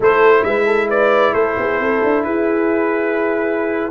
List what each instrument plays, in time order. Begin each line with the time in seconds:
0.00 tuba A3, trombone E4, horn A4, trumpet C5
0.43 tuba G#3, horn B4, trumpet E5
0.65 horn A4
0.89 horn B4, trumpet D5
1.33 tuba A3, horn A4, trumpet C5
1.57 tuba B3, horn G#4
1.79 tuba C4, horn A4
2.03 tuba D4
2.23 tuba E4, horn G#4, trumpet B4